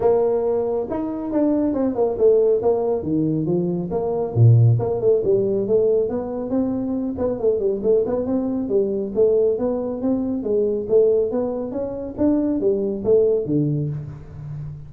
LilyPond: \new Staff \with { instrumentName = "tuba" } { \time 4/4 \tempo 4 = 138 ais2 dis'4 d'4 | c'8 ais8 a4 ais4 dis4 | f4 ais4 ais,4 ais8 a8 | g4 a4 b4 c'4~ |
c'8 b8 a8 g8 a8 b8 c'4 | g4 a4 b4 c'4 | gis4 a4 b4 cis'4 | d'4 g4 a4 d4 | }